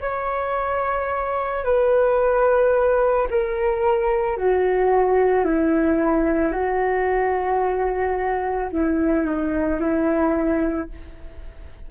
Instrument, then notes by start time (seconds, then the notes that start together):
flute
0.00 C#5
1.64 B4
3.30 A#4
4.36 F#4
5.44 E4
6.52 F#4
8.71 E4
9.26 D#4
9.80 E4